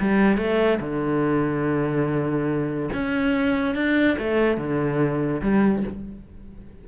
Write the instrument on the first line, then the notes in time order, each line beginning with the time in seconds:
cello
0.00 G3
0.38 A3
0.80 D3
2.94 C#4
3.75 D4
4.18 A3
4.58 D3
5.42 G3